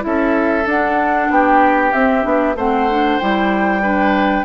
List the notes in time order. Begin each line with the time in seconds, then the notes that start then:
0.00 E4 E5
0.06 C#4 A4
0.66 D4 F#5
1.31 B3 G4 G5
1.93 C4 E5
2.23 B3 D4
2.56 A3 C4 C5 F#5
2.91 D4
3.20 G3 E4 G5
3.82 D4 B4